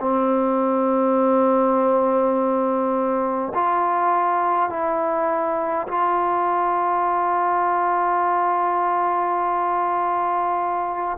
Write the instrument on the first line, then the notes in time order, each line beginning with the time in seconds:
trombone
0.00 C4
3.54 F4
4.70 E4
5.88 F4